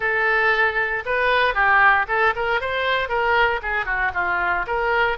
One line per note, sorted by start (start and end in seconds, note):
0.00 1.03 A4
1.05 1.54 B4
1.54 2.06 G4
2.08 2.33 A4
2.35 2.60 A#4
2.60 3.08 C5
3.08 3.60 A#4
3.62 3.85 G#4
3.85 4.11 F#4
4.14 4.66 F4
4.66 5.17 A#4